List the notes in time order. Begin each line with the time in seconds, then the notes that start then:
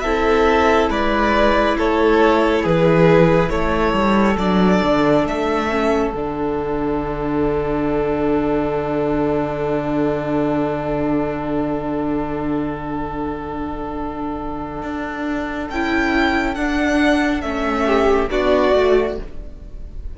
0.00 C4 E4 A4 E5
0.89 G#3 B4 D5
1.77 A3 A4 C#5
2.63 E3 G#4 B4
3.50 A3 A4 C#5
3.93 G3
4.37 F#3 D4 D5
4.83 D3
5.26 A3 E5
5.69 C#4
6.11 D3 D4 F#5
14.82 D4
15.70 C#4 E4 G5
16.54 D4 F#5
17.41 A3 C#4 E5
17.86 G4
18.30 B3 D4 F#4 D5
18.74 A3 F#4